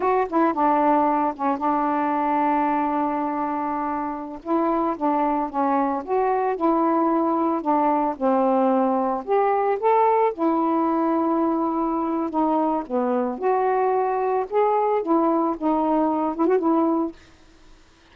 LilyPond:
\new Staff \with { instrumentName = "saxophone" } { \time 4/4 \tempo 4 = 112 fis'8 e'8 d'4. cis'8 d'4~ | d'1~ | d'16 e'4 d'4 cis'4 fis'8.~ | fis'16 e'2 d'4 c'8.~ |
c'4~ c'16 g'4 a'4 e'8.~ | e'2. dis'4 | b4 fis'2 gis'4 | e'4 dis'4. e'16 fis'16 e'4 | }